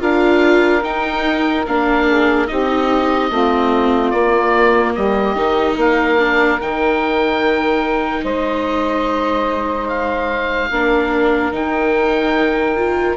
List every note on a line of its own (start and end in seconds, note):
0.00 0.84 D4
0.00 0.82 F4
0.00 2.06 A#4
0.00 0.84 F5
0.83 1.65 D#4
0.83 1.67 D#4
0.83 1.66 G5
1.67 2.51 A#3
1.67 2.48 D4
1.67 2.48 F5
2.07 2.48 G#4
2.48 3.31 C4
2.48 3.30 D#4
2.48 3.30 G4
2.48 4.11 D#5
3.30 4.13 A3
3.30 4.13 C4
3.30 4.95 F4
4.11 5.36 A#3
4.11 4.95 A#3
4.11 4.93 D5
4.95 5.36 G3
4.95 5.75 G4
4.95 5.78 D#5
5.36 5.77 D#3
5.36 6.18 D#4
5.75 6.59 A#3
5.75 8.22 A#4
5.75 6.61 F5
6.19 6.60 D4
6.61 8.24 D#3
6.61 10.72 D#4
6.61 8.25 G5
8.24 10.71 G#3
8.24 10.70 C5
8.24 9.89 D#5
9.89 11.53 F5
10.71 11.52 A#3
10.71 11.52 D4
10.71 13.17 A#4
11.52 13.16 D#3
11.52 12.75 D#4
11.52 13.17 G5
12.77 13.17 F4